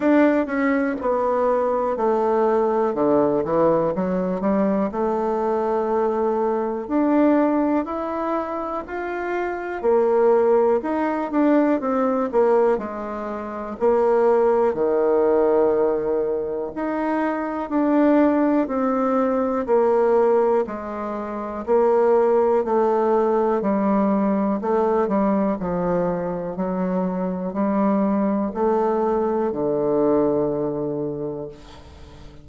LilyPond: \new Staff \with { instrumentName = "bassoon" } { \time 4/4 \tempo 4 = 61 d'8 cis'8 b4 a4 d8 e8 | fis8 g8 a2 d'4 | e'4 f'4 ais4 dis'8 d'8 | c'8 ais8 gis4 ais4 dis4~ |
dis4 dis'4 d'4 c'4 | ais4 gis4 ais4 a4 | g4 a8 g8 f4 fis4 | g4 a4 d2 | }